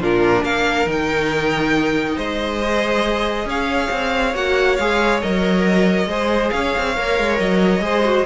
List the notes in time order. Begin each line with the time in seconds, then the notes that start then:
0.00 A#2 D4 F4 A#4
0.44 A#3 A#4 F5
0.87 D#3 D#4 G5
2.16 G#3 C5 D#5
2.60 G#4
3.46 C#4 C#5 F5
3.91 C4
4.35 A#3 F#4 F#5
4.77 G#3 G#4 F5
5.22 F#3 A#4 D#5
6.07 G#3 G#4 C5
6.51 C#4 C#5 F5
6.78 C4
6.97 A#3 A#4
7.19 G#3
7.40 F#3 D#5
7.80 G#3 G#4 C5
8.05 F#4